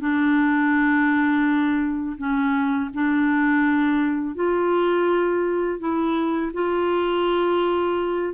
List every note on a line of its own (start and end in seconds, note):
0.00 2.17 D4
2.18 2.90 C#4
2.94 4.35 D4
4.35 5.80 F4
5.80 6.52 E4
6.54 8.34 F4